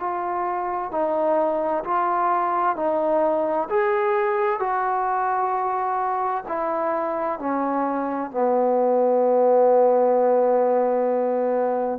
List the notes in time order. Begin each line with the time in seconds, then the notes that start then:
0.00 F4
0.91 D#4
1.85 F4
2.77 D#4
3.70 G#4
4.60 F#4
6.49 E4
7.40 C#4
8.31 B3